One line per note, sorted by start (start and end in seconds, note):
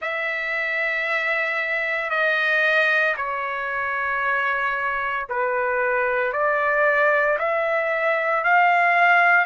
0.01 2.10 E5
2.10 3.15 D#5
3.16 5.27 C#5
5.29 6.33 B4
6.33 7.38 D5
7.39 8.44 E5
8.44 9.45 F5